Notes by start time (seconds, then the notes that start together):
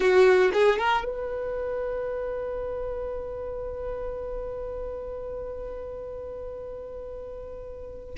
0.00 F#4
0.53 G#4
0.78 A#4
1.05 B4